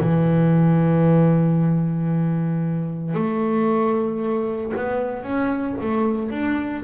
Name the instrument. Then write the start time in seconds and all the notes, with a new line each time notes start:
double bass
0.00 E3
3.14 A3
4.76 B3
5.22 C#4
5.80 A3
6.30 D4